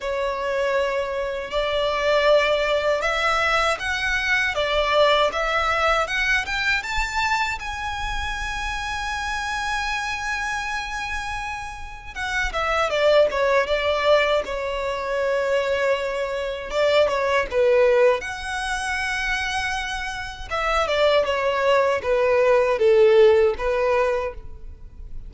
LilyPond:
\new Staff \with { instrumentName = "violin" } { \time 4/4 \tempo 4 = 79 cis''2 d''2 | e''4 fis''4 d''4 e''4 | fis''8 g''8 a''4 gis''2~ | gis''1 |
fis''8 e''8 d''8 cis''8 d''4 cis''4~ | cis''2 d''8 cis''8 b'4 | fis''2. e''8 d''8 | cis''4 b'4 a'4 b'4 | }